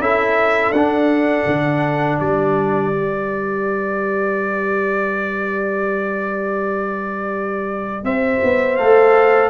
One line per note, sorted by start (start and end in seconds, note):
0.00 0.71 C#4
0.00 0.74 E4
0.00 2.20 A4
0.00 0.72 E5
0.71 1.44 D4
0.71 2.92 D4
0.71 2.19 F#5
1.46 2.20 D3
2.20 8.04 G3
2.20 8.04 B4
2.20 8.05 D5
2.92 8.78 G4
8.04 8.41 C4
8.04 9.50 C5
8.04 8.77 E5
8.43 8.80 B3
8.77 9.50 A3
8.77 9.50 A4
8.77 9.50 F5